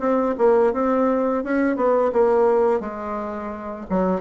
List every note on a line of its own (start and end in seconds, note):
0.00 0.35 C4
0.39 0.73 A#3
0.73 1.44 C4
1.44 1.76 C#4
1.76 2.12 B3
2.13 2.80 A#3
2.80 3.86 G#3
3.90 4.22 F#3